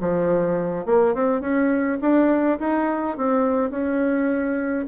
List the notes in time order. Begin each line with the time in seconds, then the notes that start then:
0.00 F3
0.85 A#3
1.14 C4
1.40 C#4
2.01 D4
2.59 D#4
3.17 C4
3.70 C#4